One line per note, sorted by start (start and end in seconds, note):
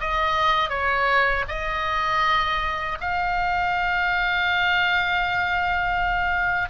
0.00 0.70 D#5
0.70 1.45 C#5
1.48 2.98 D#5
3.01 6.70 F5